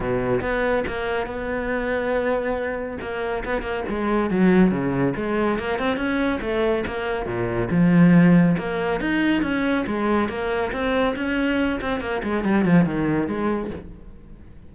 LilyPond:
\new Staff \with { instrumentName = "cello" } { \time 4/4 \tempo 4 = 140 b,4 b4 ais4 b4~ | b2. ais4 | b8 ais8 gis4 fis4 cis4 | gis4 ais8 c'8 cis'4 a4 |
ais4 ais,4 f2 | ais4 dis'4 cis'4 gis4 | ais4 c'4 cis'4. c'8 | ais8 gis8 g8 f8 dis4 gis4 | }